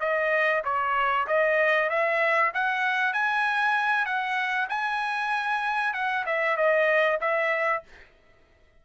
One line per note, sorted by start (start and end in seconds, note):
0.00 0.62 D#5
0.64 1.27 C#5
1.27 1.89 D#5
1.90 2.52 E5
2.54 3.13 F#5
3.13 4.06 G#5
4.06 4.68 F#5
4.69 5.93 G#5
5.93 6.25 F#5
6.26 6.57 E5
6.57 7.19 D#5
7.21 7.83 E5